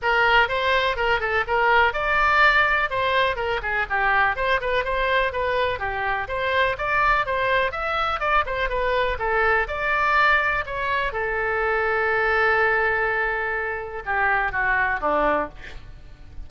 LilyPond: \new Staff \with { instrumentName = "oboe" } { \time 4/4 \tempo 4 = 124 ais'4 c''4 ais'8 a'8 ais'4 | d''2 c''4 ais'8 gis'8 | g'4 c''8 b'8 c''4 b'4 | g'4 c''4 d''4 c''4 |
e''4 d''8 c''8 b'4 a'4 | d''2 cis''4 a'4~ | a'1~ | a'4 g'4 fis'4 d'4 | }